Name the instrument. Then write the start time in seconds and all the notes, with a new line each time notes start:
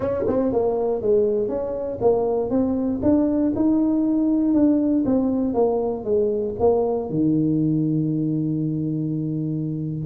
tuba
0.00 C#4
0.27 C4
0.52 A#3
1.01 G#3
1.48 C#4
2.01 A#3
2.50 C4
3.02 D4
3.55 D#4
4.54 D4
5.05 C4
5.54 A#3
6.04 G#3
6.59 A#3
7.09 D#3